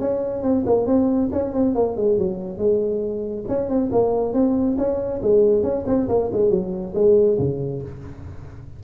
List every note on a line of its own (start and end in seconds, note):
0.00 0.43 C#4
0.43 0.65 C4
0.67 0.87 A#3
0.87 1.30 C4
1.33 1.54 C#4
1.54 1.76 C4
1.76 1.97 A#3
1.97 2.19 G#3
2.19 2.58 F#3
2.58 3.45 G#3
3.49 3.70 C#4
3.70 3.91 C4
3.92 4.34 A#3
4.34 4.77 C4
4.78 5.22 C#4
5.23 5.63 G#3
5.63 5.85 C#4
5.87 6.09 C4
6.09 6.31 A#3
6.33 6.51 G#3
6.51 6.94 F#3
6.95 7.39 G#3
7.39 7.83 C#3